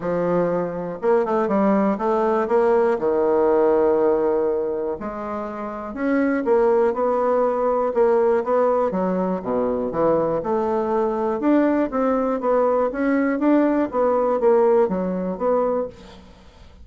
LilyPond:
\new Staff \with { instrumentName = "bassoon" } { \time 4/4 \tempo 4 = 121 f2 ais8 a8 g4 | a4 ais4 dis2~ | dis2 gis2 | cis'4 ais4 b2 |
ais4 b4 fis4 b,4 | e4 a2 d'4 | c'4 b4 cis'4 d'4 | b4 ais4 fis4 b4 | }